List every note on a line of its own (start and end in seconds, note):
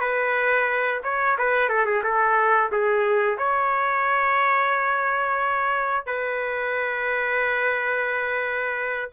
0.00 1.01 B4
1.04 1.37 C#5
1.38 1.69 B4
1.69 1.86 A4
1.86 2.03 G#4
2.03 2.71 A4
2.72 3.38 G#4
3.38 6.06 C#5
6.06 9.09 B4